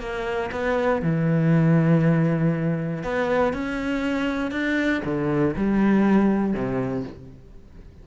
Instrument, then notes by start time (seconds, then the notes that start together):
cello
0.00 A#3
0.52 B3
1.02 E3
3.03 B3
3.53 C#4
4.51 D4
5.05 D3
5.56 G3
6.54 C3